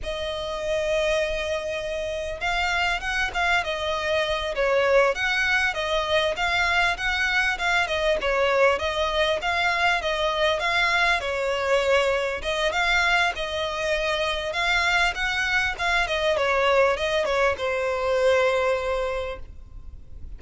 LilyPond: \new Staff \with { instrumentName = "violin" } { \time 4/4 \tempo 4 = 99 dis''1 | f''4 fis''8 f''8 dis''4. cis''8~ | cis''8 fis''4 dis''4 f''4 fis''8~ | fis''8 f''8 dis''8 cis''4 dis''4 f''8~ |
f''8 dis''4 f''4 cis''4.~ | cis''8 dis''8 f''4 dis''2 | f''4 fis''4 f''8 dis''8 cis''4 | dis''8 cis''8 c''2. | }